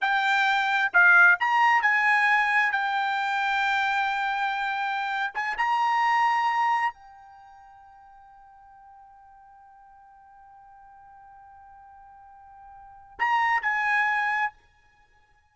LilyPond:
\new Staff \with { instrumentName = "trumpet" } { \time 4/4 \tempo 4 = 132 g''2 f''4 ais''4 | gis''2 g''2~ | g''2.~ g''8. gis''16~ | gis''16 ais''2. g''8.~ |
g''1~ | g''1~ | g''1~ | g''4 ais''4 gis''2 | }